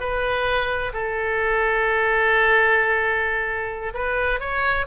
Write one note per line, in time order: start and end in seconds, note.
0.00 0.92 B4
0.93 3.93 A4
3.94 4.40 B4
4.40 4.86 C#5